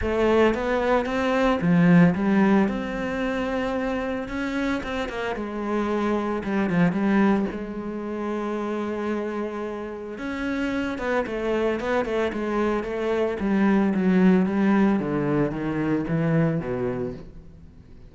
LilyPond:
\new Staff \with { instrumentName = "cello" } { \time 4/4 \tempo 4 = 112 a4 b4 c'4 f4 | g4 c'2. | cis'4 c'8 ais8 gis2 | g8 f8 g4 gis2~ |
gis2. cis'4~ | cis'8 b8 a4 b8 a8 gis4 | a4 g4 fis4 g4 | d4 dis4 e4 b,4 | }